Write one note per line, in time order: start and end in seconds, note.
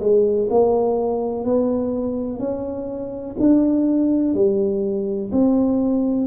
0.00 0.48 G#3
0.50 1.44 A#3
1.44 2.39 B3
2.39 3.36 C#4
3.40 4.34 D4
4.34 5.31 G3
5.32 6.27 C4